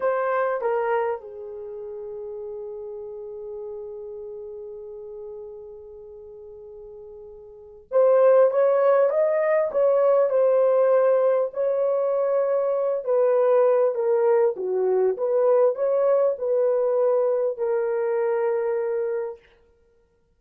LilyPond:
\new Staff \with { instrumentName = "horn" } { \time 4/4 \tempo 4 = 99 c''4 ais'4 gis'2~ | gis'1~ | gis'1~ | gis'4 c''4 cis''4 dis''4 |
cis''4 c''2 cis''4~ | cis''4. b'4. ais'4 | fis'4 b'4 cis''4 b'4~ | b'4 ais'2. | }